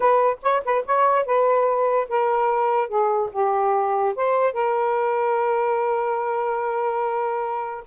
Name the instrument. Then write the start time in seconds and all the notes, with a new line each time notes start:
saxophone
0.00 B4
0.42 C#5
0.64 B4
0.85 C#5
1.25 B4
2.09 A#4
2.88 G#4
3.32 G4
4.15 C5
4.53 A#4